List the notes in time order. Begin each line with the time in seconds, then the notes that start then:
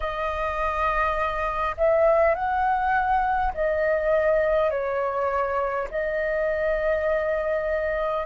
0.00 D#5
1.77 E5
2.35 F#5
3.53 D#5
4.70 C#5
5.90 D#5